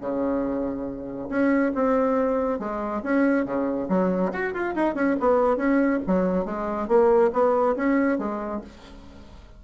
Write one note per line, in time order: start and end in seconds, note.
0.00 1.29 C#3
1.29 1.72 C#4
1.74 2.59 C4
2.59 3.02 G#3
3.03 3.45 C#4
3.45 3.88 C#3
3.88 4.31 F#3
4.32 4.53 F#4
4.53 4.75 F4
4.75 4.94 D#4
4.94 5.16 C#4
5.20 5.57 B3
5.57 5.99 C#4
6.06 6.45 F#3
6.45 6.88 G#3
6.88 7.31 A#3
7.32 7.75 B3
7.76 8.18 C#4
8.18 8.61 G#3